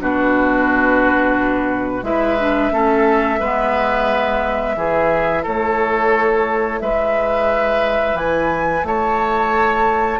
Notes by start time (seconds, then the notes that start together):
0.00 B2 D4 F#4 B4
2.03 G#3 E4 B4 E5
2.40 D4
2.71 A3 C#4 A4
3.40 G#3 B3 B4
4.76 E3 E4 G#4
5.43 A3 A4 C#5
6.81 G#3 B4 E5
8.14 E3 G#5
8.83 A3 C#5 A5